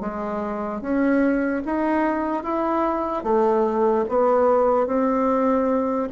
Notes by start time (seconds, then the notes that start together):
0.00 G#3
0.81 C#4
1.65 D#4
2.43 E4
3.23 A3
4.08 B3
4.86 C4